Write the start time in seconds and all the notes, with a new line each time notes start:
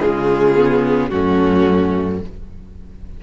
0.00 C#3 G#3 F4 G#4
0.56 B3
1.09 F#2 A3 C#4 F#4